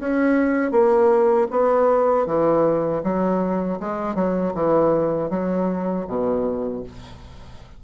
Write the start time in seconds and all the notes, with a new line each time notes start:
0.00 C#4
0.71 A#3
1.51 B3
2.26 E3
3.03 F#3
3.80 G#3
4.15 F#3
4.54 E3
5.30 F#3
6.07 B2